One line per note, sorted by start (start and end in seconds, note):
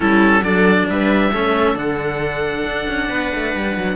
0.00 0.40 G3
0.00 0.42 C#4
0.00 0.43 E4
0.00 0.43 A4
0.40 0.85 F#3
0.40 1.31 D4
0.40 0.87 A4
0.40 0.87 D5
0.89 1.33 G3
0.89 1.32 B4
0.89 1.77 E5
1.32 1.75 A3
1.32 1.75 C#4
1.32 3.08 A4
1.75 2.63 D3
1.75 3.96 D4
1.75 3.96 F#5
2.64 2.86 D4
2.88 3.09 C#4
3.08 3.31 B3
3.08 3.96 B4
3.34 3.54 A3
3.54 3.76 G3
3.76 3.96 F#3